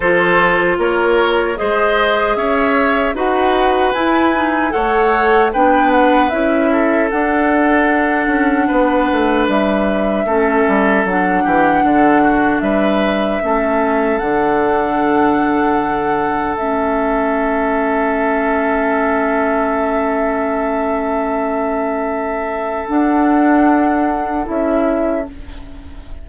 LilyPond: <<
  \new Staff \with { instrumentName = "flute" } { \time 4/4 \tempo 4 = 76 c''4 cis''4 dis''4 e''4 | fis''4 gis''4 fis''4 g''8 fis''8 | e''4 fis''2. | e''2 fis''2 |
e''2 fis''2~ | fis''4 e''2.~ | e''1~ | e''4 fis''2 e''4 | }
  \new Staff \with { instrumentName = "oboe" } { \time 4/4 a'4 ais'4 c''4 cis''4 | b'2 cis''4 b'4~ | b'8 a'2~ a'8 b'4~ | b'4 a'4. g'8 a'8 fis'8 |
b'4 a'2.~ | a'1~ | a'1~ | a'1 | }
  \new Staff \with { instrumentName = "clarinet" } { \time 4/4 f'2 gis'2 | fis'4 e'8 dis'8 a'4 d'4 | e'4 d'2.~ | d'4 cis'4 d'2~ |
d'4 cis'4 d'2~ | d'4 cis'2.~ | cis'1~ | cis'4 d'2 e'4 | }
  \new Staff \with { instrumentName = "bassoon" } { \time 4/4 f4 ais4 gis4 cis'4 | dis'4 e'4 a4 b4 | cis'4 d'4. cis'8 b8 a8 | g4 a8 g8 fis8 e8 d4 |
g4 a4 d2~ | d4 a2.~ | a1~ | a4 d'2 cis'4 | }
>>